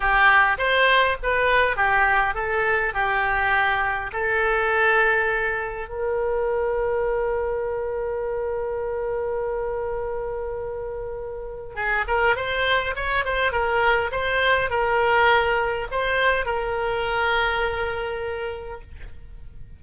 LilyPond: \new Staff \with { instrumentName = "oboe" } { \time 4/4 \tempo 4 = 102 g'4 c''4 b'4 g'4 | a'4 g'2 a'4~ | a'2 ais'2~ | ais'1~ |
ais'1 | gis'8 ais'8 c''4 cis''8 c''8 ais'4 | c''4 ais'2 c''4 | ais'1 | }